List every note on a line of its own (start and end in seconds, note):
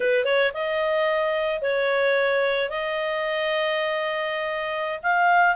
0.00 0.24 B4
0.24 0.51 C#5
0.53 1.61 D#5
1.61 2.69 C#5
2.69 4.99 D#5
5.03 5.55 F5